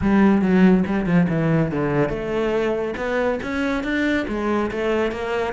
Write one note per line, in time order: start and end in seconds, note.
0.01 0.41 G3
0.41 0.84 F#3
0.86 1.06 G3
1.06 1.27 F3
1.28 1.71 E3
1.71 2.09 D3
2.09 2.94 A3
2.97 3.39 B3
3.42 3.83 C#4
3.83 4.26 D4
4.28 4.70 G#3
4.71 5.11 A3
5.11 5.53 A#3